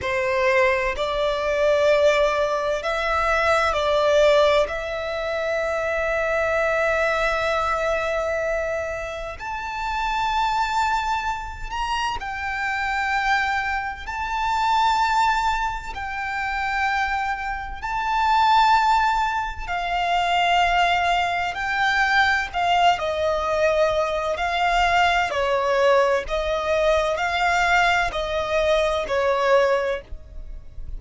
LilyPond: \new Staff \with { instrumentName = "violin" } { \time 4/4 \tempo 4 = 64 c''4 d''2 e''4 | d''4 e''2.~ | e''2 a''2~ | a''8 ais''8 g''2 a''4~ |
a''4 g''2 a''4~ | a''4 f''2 g''4 | f''8 dis''4. f''4 cis''4 | dis''4 f''4 dis''4 cis''4 | }